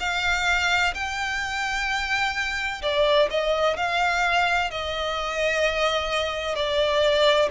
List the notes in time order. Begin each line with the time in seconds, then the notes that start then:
0.00 F5
0.94 G5
2.82 D5
3.30 D#5
3.77 F5
4.71 D#5
6.55 D5